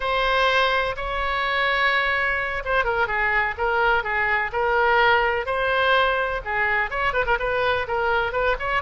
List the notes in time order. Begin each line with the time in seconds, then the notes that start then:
0.00 C5
0.96 C#5
2.64 C5
2.84 A#4
3.07 G#4
3.57 A#4
4.03 G#4
4.52 A#4
5.46 C5
6.45 G#4
6.90 C#5
7.13 B4
7.26 A#4
7.39 B4
7.87 A#4
8.32 B4
8.59 C#5